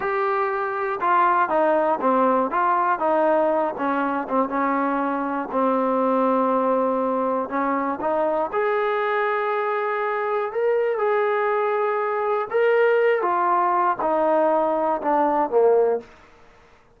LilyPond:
\new Staff \with { instrumentName = "trombone" } { \time 4/4 \tempo 4 = 120 g'2 f'4 dis'4 | c'4 f'4 dis'4. cis'8~ | cis'8 c'8 cis'2 c'4~ | c'2. cis'4 |
dis'4 gis'2.~ | gis'4 ais'4 gis'2~ | gis'4 ais'4. f'4. | dis'2 d'4 ais4 | }